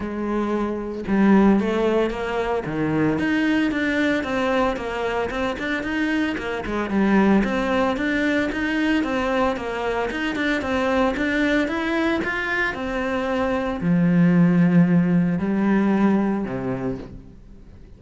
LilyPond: \new Staff \with { instrumentName = "cello" } { \time 4/4 \tempo 4 = 113 gis2 g4 a4 | ais4 dis4 dis'4 d'4 | c'4 ais4 c'8 d'8 dis'4 | ais8 gis8 g4 c'4 d'4 |
dis'4 c'4 ais4 dis'8 d'8 | c'4 d'4 e'4 f'4 | c'2 f2~ | f4 g2 c4 | }